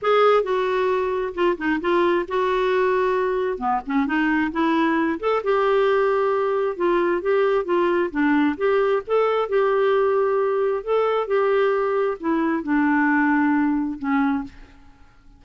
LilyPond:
\new Staff \with { instrumentName = "clarinet" } { \time 4/4 \tempo 4 = 133 gis'4 fis'2 f'8 dis'8 | f'4 fis'2. | b8 cis'8 dis'4 e'4. a'8 | g'2. f'4 |
g'4 f'4 d'4 g'4 | a'4 g'2. | a'4 g'2 e'4 | d'2. cis'4 | }